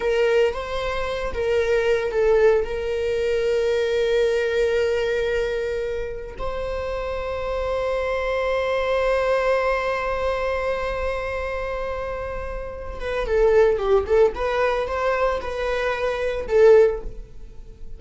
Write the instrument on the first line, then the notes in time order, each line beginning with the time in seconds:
viola
0.00 A#4
0.53 C5
1.33 A#4
2.11 A4
2.64 A#4
6.38 C5
13.00 B4
13.26 A4
13.77 G4
14.06 A4
14.35 B4
14.87 C5
15.40 B4
16.48 A4